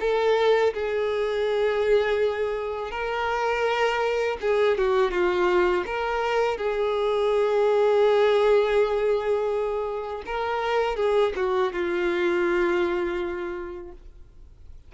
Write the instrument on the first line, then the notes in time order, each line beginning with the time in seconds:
violin
0.00 A4
0.74 G#4
2.91 A#4
4.41 G#4
4.78 F#4
5.11 F4
5.86 A#4
6.57 G#4
10.26 A#4
10.96 G#4
11.36 F#4
11.72 F4